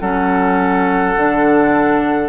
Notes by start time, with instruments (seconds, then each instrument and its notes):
0.00 bassoon F#3, clarinet C#4, oboe A4, flute F#5
1.16 bassoon D3, clarinet D4